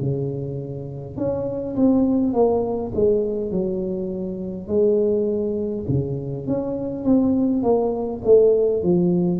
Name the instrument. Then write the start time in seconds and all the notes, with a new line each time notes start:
tuba
0.00 C#3
1.17 C#4
1.76 C4
2.33 A#3
2.95 G#3
3.51 F#3
4.67 G#3
5.88 C#3
6.47 C#4
7.04 C4
7.63 A#3
8.25 A3
8.82 F3